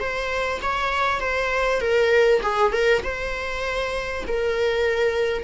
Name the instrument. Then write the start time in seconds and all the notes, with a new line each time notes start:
viola
0.00 C5
0.62 C#5
1.20 C5
1.81 A#4
2.42 G#4
2.72 A#4
3.03 C5
4.27 A#4